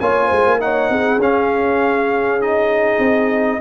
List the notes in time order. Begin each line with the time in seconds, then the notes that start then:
0.00 A#3 F4 C#5 G#5
0.27 G#3 C5
0.46 A#3
0.60 D#4 C#5 F#5
0.90 C4 G#4
1.18 C#4 F5
2.41 D#4 D#5
2.99 C4